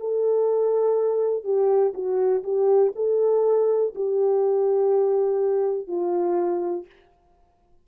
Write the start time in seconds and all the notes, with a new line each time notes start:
0.00 A4
1.44 G4
1.94 F#4
2.44 G4
2.96 A4
3.95 G4
5.87 F4